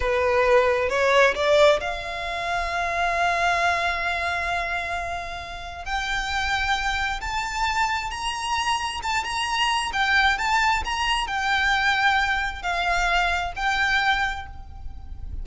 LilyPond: \new Staff \with { instrumentName = "violin" } { \time 4/4 \tempo 4 = 133 b'2 cis''4 d''4 | f''1~ | f''1~ | f''4 g''2. |
a''2 ais''2 | a''8 ais''4. g''4 a''4 | ais''4 g''2. | f''2 g''2 | }